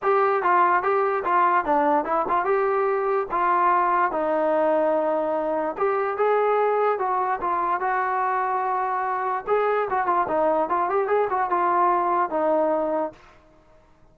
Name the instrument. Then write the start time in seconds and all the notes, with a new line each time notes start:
trombone
0.02 G4
0.42 F4
0.82 G4
1.24 F4
1.65 D4
2.05 E4
2.28 F4
2.44 G4
3.31 F4
4.11 D#4
5.77 G4
6.17 G#4
6.98 F#4
7.40 F4
7.80 F#4
9.47 G#4
9.89 F#4
10.06 F4
10.28 D#4
10.69 F4
10.89 G4
11.07 G#4
11.30 F#4
11.50 F4
12.30 D#4